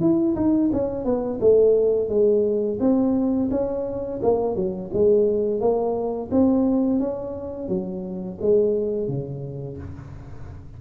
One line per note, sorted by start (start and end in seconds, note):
0.00 0.35 E4
0.35 0.70 D#4
0.73 1.05 C#4
1.05 1.40 B3
1.40 2.08 A3
2.08 2.78 G#3
2.79 3.49 C4
3.50 4.20 C#4
4.22 4.55 A#3
4.55 4.90 F#3
4.93 5.60 G#3
5.60 6.30 A#3
6.31 6.99 C4
6.99 7.68 C#4
7.68 8.38 F#3
8.41 9.08 G#3
9.08 9.77 C#3